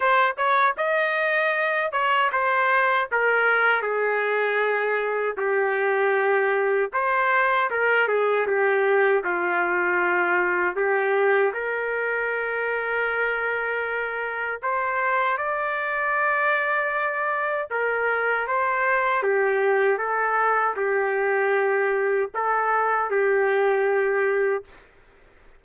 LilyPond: \new Staff \with { instrumentName = "trumpet" } { \time 4/4 \tempo 4 = 78 c''8 cis''8 dis''4. cis''8 c''4 | ais'4 gis'2 g'4~ | g'4 c''4 ais'8 gis'8 g'4 | f'2 g'4 ais'4~ |
ais'2. c''4 | d''2. ais'4 | c''4 g'4 a'4 g'4~ | g'4 a'4 g'2 | }